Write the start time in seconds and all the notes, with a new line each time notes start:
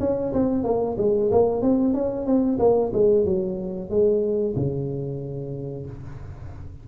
0.00 C#4
0.33 C4
0.64 A#3
0.98 G#3
1.32 A#3
1.62 C4
1.94 C#4
2.26 C4
2.59 A#3
2.93 G#3
3.25 F#3
3.90 G#3
4.56 C#3